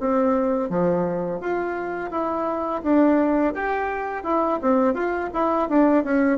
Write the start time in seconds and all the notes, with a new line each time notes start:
0.00 C4
0.69 F3
1.41 F4
2.11 E4
2.83 D4
3.54 G4
4.24 E4
4.62 C4
4.94 F4
5.34 E4
5.69 D4
6.04 C#4